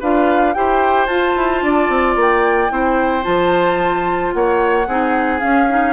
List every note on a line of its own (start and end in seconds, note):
0.00 0.56 D4
0.00 0.54 F4
0.00 0.54 B4
0.00 0.54 F5
0.54 1.07 E4
0.54 1.08 G4
0.54 1.65 C5
0.54 1.06 G5
1.06 1.34 F4
1.06 2.70 F4
1.06 2.14 A5
1.36 1.62 E4
1.62 1.89 D4
1.62 2.72 D5
1.89 2.16 C4
2.16 2.70 A#3
2.16 3.24 G5
2.70 3.25 C4
2.70 3.23 E4
2.70 4.34 C5
3.23 4.34 F3
3.23 4.85 F4
3.23 4.32 A5
4.33 4.87 A#3
4.33 4.88 C#5
4.33 5.40 F#5
4.87 5.41 C4
4.87 5.40 D#4
4.87 5.93 G#4
5.40 5.67 C#4
5.40 5.93 C#4
5.40 5.93 F5
5.69 5.93 D#4